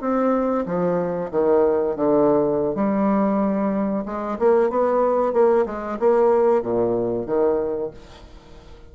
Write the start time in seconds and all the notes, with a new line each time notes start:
0.00 C4
0.65 F3
1.31 D#3
1.95 D3
2.74 G3
4.05 G#3
4.38 A#3
4.70 B3
5.33 A#3
5.65 G#3
5.99 A#3
6.62 A#2
7.26 D#3